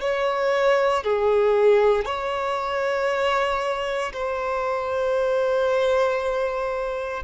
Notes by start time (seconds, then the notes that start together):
0.00 C#5
1.03 G#4
2.05 C#5
4.13 C5